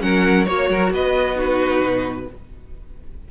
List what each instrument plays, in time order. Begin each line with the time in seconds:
0.00 cello F#3, viola C#4, violin A#4 F#5
0.45 cello A#3, viola F#4, violin C#5
0.70 cello F#3, violin A#4
0.90 cello B3, violin B4 D#5
1.35 viola D#4, violin F#4 B4
1.80 cello B2